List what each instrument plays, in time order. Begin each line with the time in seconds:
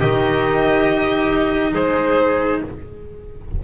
0.00 double bass D#3, cello D#4, trumpet G4, violin D#5
1.74 double bass G#3, trumpet G#4, violin C5